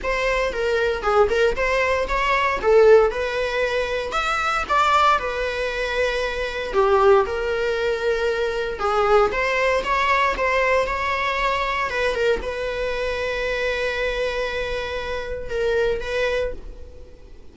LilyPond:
\new Staff \with { instrumentName = "viola" } { \time 4/4 \tempo 4 = 116 c''4 ais'4 gis'8 ais'8 c''4 | cis''4 a'4 b'2 | e''4 d''4 b'2~ | b'4 g'4 ais'2~ |
ais'4 gis'4 c''4 cis''4 | c''4 cis''2 b'8 ais'8 | b'1~ | b'2 ais'4 b'4 | }